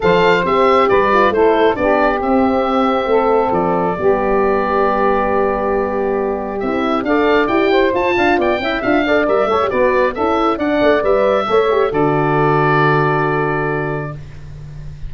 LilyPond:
<<
  \new Staff \with { instrumentName = "oboe" } { \time 4/4 \tempo 4 = 136 f''4 e''4 d''4 c''4 | d''4 e''2. | d''1~ | d''2. e''4 |
f''4 g''4 a''4 g''4 | f''4 e''4 d''4 e''4 | fis''4 e''2 d''4~ | d''1 | }
  \new Staff \with { instrumentName = "saxophone" } { \time 4/4 c''2 b'4 a'4 | g'2. a'4~ | a'4 g'2.~ | g'1 |
d''4. c''4 f''8 d''8 e''8~ | e''8 d''4 cis''8 b'4 a'4 | d''2 cis''4 a'4~ | a'1 | }
  \new Staff \with { instrumentName = "horn" } { \time 4/4 a'4 g'4. f'8 e'4 | d'4 c'2.~ | c'4 b2.~ | b2. e'4 |
a'4 g'4 f'4. e'8 | f'8 a'8 ais'8 a'16 g'16 fis'4 e'4 | d'4 b'4 a'8 g'8 fis'4~ | fis'1 | }
  \new Staff \with { instrumentName = "tuba" } { \time 4/4 f4 c'4 g4 a4 | b4 c'2 a4 | f4 g2.~ | g2. c'4 |
d'4 e'4 f'8 d'8 b8 cis'8 | d'4 g8 a8 b4 cis'4 | d'8 a8 g4 a4 d4~ | d1 | }
>>